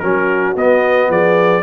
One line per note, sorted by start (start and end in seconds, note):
0.00 0.56 F#3
0.00 0.57 C#4
0.00 1.09 F#4
0.00 0.55 A#4
0.56 1.09 B3
0.56 1.63 B3
0.56 1.12 D#5
1.09 1.63 F3
1.09 1.63 G#4
1.09 1.63 D5